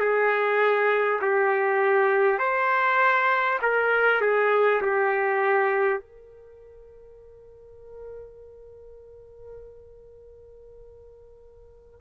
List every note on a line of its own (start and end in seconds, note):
0.00 1.20 G#4
1.22 2.39 G4
2.39 3.59 C5
3.62 4.22 A#4
4.22 4.82 G#4
4.82 6.00 G4
6.00 12.00 A#4